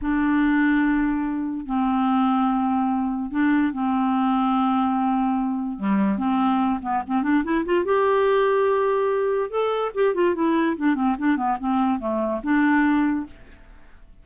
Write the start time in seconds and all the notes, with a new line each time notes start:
0.01 D4
1.66 C4
3.31 D4
3.72 C4
5.78 G3
6.18 C4
6.82 B3
7.06 C4
7.23 D4
7.44 E4
7.65 F4
7.84 G4
9.50 A4
9.94 G4
10.14 F4
10.34 E4
10.76 D4
10.95 C4
11.18 D4
11.36 B3
11.60 C4
11.99 A3
12.43 D4